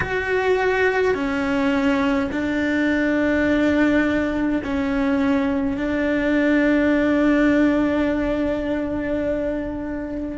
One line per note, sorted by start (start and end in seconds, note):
0.00 1.14 F#4
1.14 2.30 C#4
2.31 4.62 D4
4.63 5.77 C#4
5.77 10.38 D4